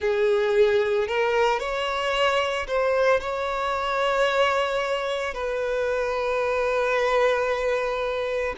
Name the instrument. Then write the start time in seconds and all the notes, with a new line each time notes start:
violin
0.00 G#4
1.07 A#4
1.59 C#5
2.67 C5
3.20 C#5
5.33 B4